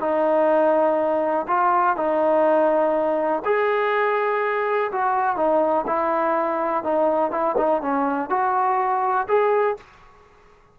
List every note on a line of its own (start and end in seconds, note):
0.00 1.46 D#4
1.48 1.96 F4
1.96 3.43 D#4
3.45 4.91 G#4
4.92 5.37 F#4
5.37 5.85 D#4
5.87 6.84 E4
6.84 7.31 D#4
7.31 7.55 E4
7.57 7.82 D#4
7.82 8.30 C#4
8.30 9.27 F#4
9.28 9.77 G#4